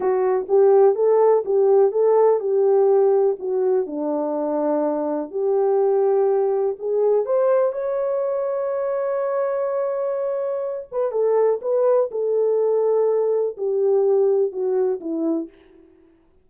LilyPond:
\new Staff \with { instrumentName = "horn" } { \time 4/4 \tempo 4 = 124 fis'4 g'4 a'4 g'4 | a'4 g'2 fis'4 | d'2. g'4~ | g'2 gis'4 c''4 |
cis''1~ | cis''2~ cis''8 b'8 a'4 | b'4 a'2. | g'2 fis'4 e'4 | }